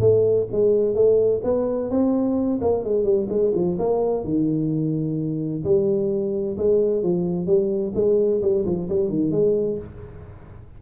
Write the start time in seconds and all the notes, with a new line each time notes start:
0.00 A3
0.52 G#3
0.95 A3
1.43 B3
1.90 C4
2.61 A#3
2.84 G#3
3.04 G3
3.29 G#3
3.54 F3
3.79 A#3
4.24 D#3
5.64 G3
6.57 G#3
7.03 F3
7.46 G3
7.95 G#3
8.42 G3
8.65 F3
8.89 G3
9.09 D#3
9.31 G#3